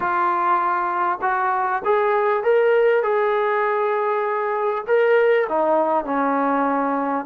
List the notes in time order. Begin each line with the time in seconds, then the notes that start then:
0.00 F4
1.21 F#4
1.84 G#4
2.43 A#4
3.02 G#4
4.87 A#4
5.49 D#4
6.04 C#4